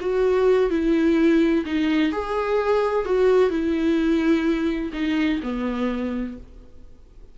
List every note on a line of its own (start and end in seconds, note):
0.00 0.70 F#4
0.70 1.64 E4
1.65 2.12 D#4
2.12 3.05 G#4
3.05 3.50 F#4
3.50 4.91 E4
4.93 5.40 D#4
5.42 6.37 B3